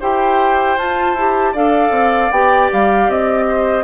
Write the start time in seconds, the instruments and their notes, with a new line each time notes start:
0.00 bassoon E4, clarinet G4, oboe C5, flute G5
0.77 bassoon F4, clarinet F4, flute A5
1.14 bassoon E4, clarinet G4
1.52 bassoon D4, clarinet A4, oboe D5, flute F5
1.90 bassoon C4
2.31 bassoon B3, clarinet G4, flute G5
2.72 bassoon G3, flute F5
3.08 bassoon C4, flute D#5
3.48 oboe C5